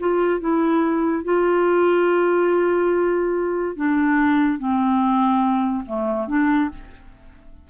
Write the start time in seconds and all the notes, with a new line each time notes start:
0.00 F4
0.40 E4
1.25 F4
3.76 D4
4.59 C4
5.86 A3
6.28 D4